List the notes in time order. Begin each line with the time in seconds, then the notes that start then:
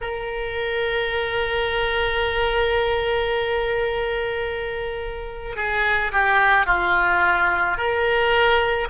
0.01 A#4
5.56 G#4
6.12 G4
6.66 F4
7.77 A#4